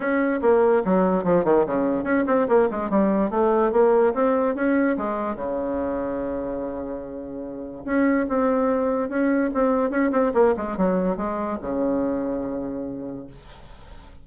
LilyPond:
\new Staff \with { instrumentName = "bassoon" } { \time 4/4 \tempo 4 = 145 cis'4 ais4 fis4 f8 dis8 | cis4 cis'8 c'8 ais8 gis8 g4 | a4 ais4 c'4 cis'4 | gis4 cis2.~ |
cis2. cis'4 | c'2 cis'4 c'4 | cis'8 c'8 ais8 gis8 fis4 gis4 | cis1 | }